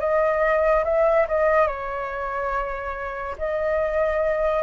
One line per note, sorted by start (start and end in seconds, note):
0.00 0.85 D#5
0.85 1.27 E5
1.29 1.67 D#5
1.67 3.36 C#5
3.38 4.63 D#5